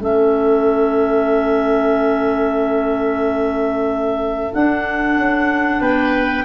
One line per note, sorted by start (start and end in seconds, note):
0.00 4.52 A3
0.00 4.52 C#4
0.00 5.81 A4
0.00 4.54 E5
4.54 6.45 D4
4.54 5.16 D4
4.54 5.82 F#5
5.16 5.81 C#4
5.81 6.45 B3
5.81 6.45 B4
5.81 6.45 G5